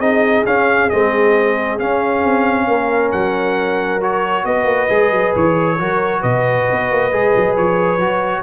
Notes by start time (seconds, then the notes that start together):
0.00 C4 D#4 G#4 D#5
0.46 C#4 F5
0.90 G#3 C4 D#5
1.79 C#4 F5
2.24 C4
2.67 A#3 A#4
3.12 F#3 F#5
4.01 F#4 C#5
4.45 B3 B4 D#5
4.65 A#3
4.90 G#3 G#4
5.11 F#3
5.36 E3 C#5
5.79 F#3 F#4 A#4
6.20 B2 B4 D#5
6.72 B3
6.91 A#3
7.12 G#3 G#4
7.37 F#3
7.57 F3 C#5
7.98 F#3 F#4